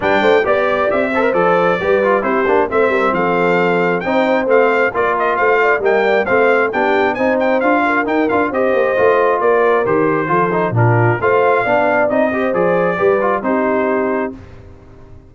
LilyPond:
<<
  \new Staff \with { instrumentName = "trumpet" } { \time 4/4 \tempo 4 = 134 g''4 d''4 e''4 d''4~ | d''4 c''4 e''4 f''4~ | f''4 g''4 f''4 d''8 dis''8 | f''4 g''4 f''4 g''4 |
gis''8 g''8 f''4 g''8 f''8 dis''4~ | dis''4 d''4 c''2 | ais'4 f''2 dis''4 | d''2 c''2 | }
  \new Staff \with { instrumentName = "horn" } { \time 4/4 b'8 c''8 d''4. c''4. | b'4 g'4 c''8 ais'8 a'4~ | a'4 c''2 ais'4 | c''8 d''8 dis''8 d''8 c''4 g'4 |
c''4. ais'4. c''4~ | c''4 ais'2 a'4 | f'4 c''4 d''4. c''8~ | c''4 b'4 g'2 | }
  \new Staff \with { instrumentName = "trombone" } { \time 4/4 d'4 g'4. a'16 ais'16 a'4 | g'8 f'8 e'8 d'8 c'2~ | c'4 dis'4 c'4 f'4~ | f'4 ais4 c'4 d'4 |
dis'4 f'4 dis'8 f'8 g'4 | f'2 g'4 f'8 dis'8 | d'4 f'4 d'4 dis'8 g'8 | gis'4 g'8 f'8 dis'2 | }
  \new Staff \with { instrumentName = "tuba" } { \time 4/4 g8 a8 b4 c'4 f4 | g4 c'8 ais8 a8 g8 f4~ | f4 c'4 a4 ais4 | a4 g4 a4 b4 |
c'4 d'4 dis'8 d'8 c'8 ais8 | a4 ais4 dis4 f4 | ais,4 a4 b4 c'4 | f4 g4 c'2 | }
>>